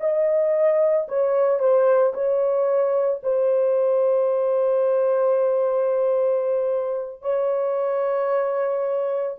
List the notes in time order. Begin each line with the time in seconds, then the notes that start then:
0.00 D#5
1.08 C#5
1.59 C5
2.14 C#5
3.23 C5
7.22 C#5